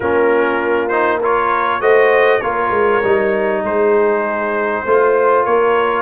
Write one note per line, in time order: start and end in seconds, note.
0.00 1.80 A#3
0.00 0.91 C#4
0.00 1.18 F4
0.00 0.88 A#4
0.88 1.21 D#4
0.88 1.18 C5
1.18 1.80 F4
1.18 1.79 A#4
1.18 1.81 C#5
1.80 2.40 A3
1.80 2.41 F#4
1.80 2.40 C5
1.80 2.41 D#5
2.40 2.70 A#3
2.40 3.03 F4
2.40 3.61 A#4
2.40 3.62 C#5
2.70 3.00 G#3
3.03 3.63 G3
3.03 4.85 D#4
3.63 4.84 G#3
3.63 4.84 G#4
3.63 5.45 C5
4.84 5.46 A3
4.84 6.02 F4
4.84 5.44 C5
5.44 6.02 A#3
5.44 6.02 A#4
5.44 6.02 C#5